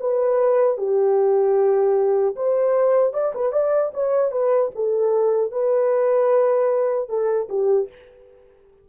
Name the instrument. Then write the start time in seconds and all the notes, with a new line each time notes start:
horn
0.00 B4
0.77 G4
2.35 C5
3.13 D5
3.34 B4
3.52 D5
3.93 C#5
4.31 B4
4.74 A4
5.51 B4
7.08 A4
7.49 G4